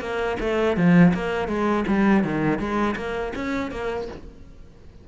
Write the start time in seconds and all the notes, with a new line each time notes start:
0.00 A#3
0.40 A3
0.76 F3
1.13 A#3
1.48 G#3
1.87 G3
2.24 D#3
2.58 G#3
2.96 A#3
3.35 C#4
3.71 A#3